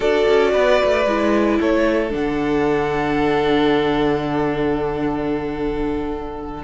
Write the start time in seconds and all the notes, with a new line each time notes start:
0.00 D4 F#4 A4 D5
0.28 C#4
0.52 B3 B4
0.84 A3
1.06 G#3 E4
1.60 A3 A4 C#5
2.09 D3 D4 F#5